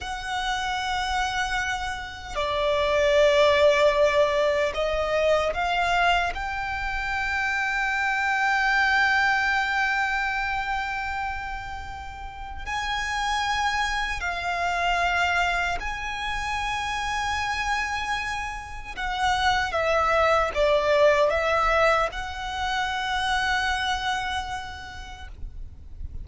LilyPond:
\new Staff \with { instrumentName = "violin" } { \time 4/4 \tempo 4 = 76 fis''2. d''4~ | d''2 dis''4 f''4 | g''1~ | g''1 |
gis''2 f''2 | gis''1 | fis''4 e''4 d''4 e''4 | fis''1 | }